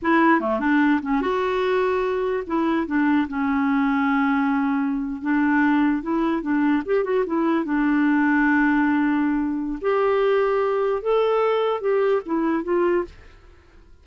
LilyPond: \new Staff \with { instrumentName = "clarinet" } { \time 4/4 \tempo 4 = 147 e'4 a8 d'4 cis'8 fis'4~ | fis'2 e'4 d'4 | cis'1~ | cis'8. d'2 e'4 d'16~ |
d'8. g'8 fis'8 e'4 d'4~ d'16~ | d'1 | g'2. a'4~ | a'4 g'4 e'4 f'4 | }